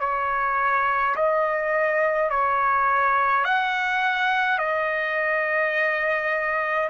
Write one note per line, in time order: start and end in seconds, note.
0.00 1.15 C#5
1.15 2.30 D#5
2.30 3.45 C#5
3.45 4.58 F#5
4.58 6.89 D#5